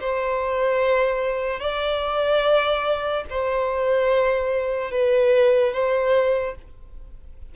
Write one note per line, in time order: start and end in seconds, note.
0.00 1.60 C5
1.60 3.24 D5
3.30 4.91 C5
4.91 5.73 B4
5.73 6.55 C5